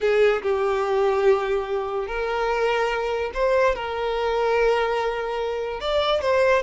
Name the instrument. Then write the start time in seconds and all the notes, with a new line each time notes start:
violin
0.00 G#4
0.42 G4
2.07 A#4
3.33 C5
3.75 A#4
5.80 D5
6.21 C5